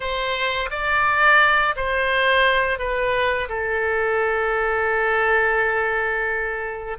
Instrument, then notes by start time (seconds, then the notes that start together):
oboe
0.00 C5
0.70 D5
1.75 C5
2.78 B4
3.49 A4